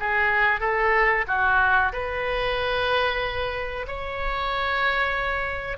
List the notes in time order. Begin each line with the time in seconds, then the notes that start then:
0.00 G#4
0.60 A4
1.28 F#4
1.93 B4
3.88 C#5